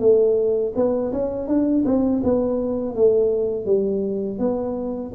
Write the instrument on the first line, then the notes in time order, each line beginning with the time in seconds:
tuba
0.00 A3
0.76 B3
1.13 C#4
1.48 D4
1.86 C4
2.24 B3
2.96 A3
3.66 G3
4.39 B3